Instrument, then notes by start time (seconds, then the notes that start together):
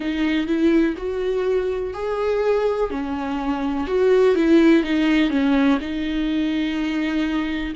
viola
0.00 D#4
0.46 E4
0.97 F#4
1.93 G#4
2.90 C#4
3.87 F#4
4.35 E4
4.83 D#4
5.30 C#4
5.80 D#4